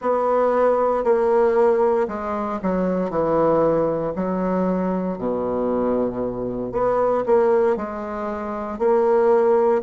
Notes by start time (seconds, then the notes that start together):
0.00 B3
1.03 A#3
2.07 G#3
2.62 F#3
3.09 E3
4.15 F#3
5.18 B2
6.72 B3
7.26 A#3
7.76 G#3
8.78 A#3